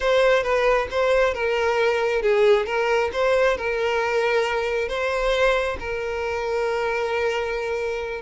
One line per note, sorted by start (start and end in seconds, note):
0.00 0.43 C5
0.43 0.87 B4
0.91 1.34 C5
1.34 2.21 A#4
2.21 2.66 G#4
2.66 3.10 A#4
3.12 3.57 C5
3.57 4.88 A#4
4.88 5.77 C5
5.79 8.21 A#4